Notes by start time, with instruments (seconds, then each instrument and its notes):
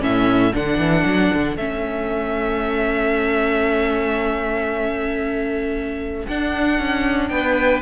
0.00 cello A2, viola C#4, violin A4 E5
0.54 cello D3, viola D4, violin F#5
0.79 cello E3
1.05 cello F#3
1.34 cello D3
1.57 cello A3, viola C#4, violin E5
6.28 viola D4, cello D4, violin F#5
6.79 cello C#4
7.29 cello B3, violin B4 G5